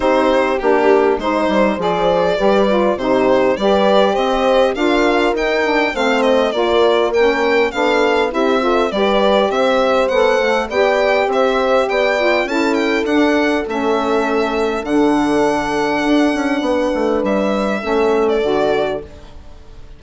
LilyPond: <<
  \new Staff \with { instrumentName = "violin" } { \time 4/4 \tempo 4 = 101 c''4 g'4 c''4 d''4~ | d''4 c''4 d''4 dis''4 | f''4 g''4 f''8 dis''8 d''4 | g''4 f''4 e''4 d''4 |
e''4 fis''4 g''4 e''4 | g''4 a''8 g''8 fis''4 e''4~ | e''4 fis''2.~ | fis''4 e''4.~ e''16 d''4~ d''16 | }
  \new Staff \with { instrumentName = "horn" } { \time 4/4 g'2 c''2 | b'4 g'4 b'4 c''4 | ais'2 c''4 ais'4~ | ais'4 a'4 g'8 a'8 b'4 |
c''2 d''4 c''4 | d''4 a'2.~ | a'1 | b'2 a'2 | }
  \new Staff \with { instrumentName = "saxophone" } { \time 4/4 dis'4 d'4 dis'4 gis'4 | g'8 f'8 dis'4 g'2 | f'4 dis'8 d'8 c'4 f'4 | cis'4 d'4 e'8 f'8 g'4~ |
g'4 a'4 g'2~ | g'8 f'8 e'4 d'4 cis'4~ | cis'4 d'2.~ | d'2 cis'4 fis'4 | }
  \new Staff \with { instrumentName = "bassoon" } { \time 4/4 c'4 ais4 gis8 g8 f4 | g4 c4 g4 c'4 | d'4 dis'4 a4 ais4~ | ais4 b4 c'4 g4 |
c'4 b8 a8 b4 c'4 | b4 cis'4 d'4 a4~ | a4 d2 d'8 cis'8 | b8 a8 g4 a4 d4 | }
>>